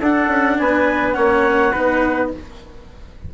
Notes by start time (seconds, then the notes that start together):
0.00 D4 A4 F#5
0.27 C#4
0.59 B3 B4 G#5
1.13 A#3 C#4 C#5 F#5
1.72 B3 D#4 B4